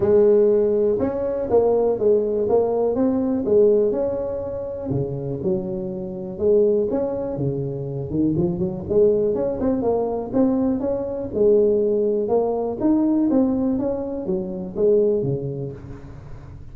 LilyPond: \new Staff \with { instrumentName = "tuba" } { \time 4/4 \tempo 4 = 122 gis2 cis'4 ais4 | gis4 ais4 c'4 gis4 | cis'2 cis4 fis4~ | fis4 gis4 cis'4 cis4~ |
cis8 dis8 f8 fis8 gis4 cis'8 c'8 | ais4 c'4 cis'4 gis4~ | gis4 ais4 dis'4 c'4 | cis'4 fis4 gis4 cis4 | }